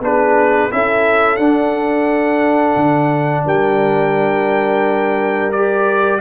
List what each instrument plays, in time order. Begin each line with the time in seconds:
0.00 tuba B3, trombone D4, horn G#4, trumpet B4
0.70 tuba C#4, trombone E4, horn A4, trumpet E5
1.36 tuba D4, trombone D4, trumpet F#5
2.76 tuba D3
3.45 tuba G3, horn A#4, trumpet G5
5.51 trombone G4, trumpet D5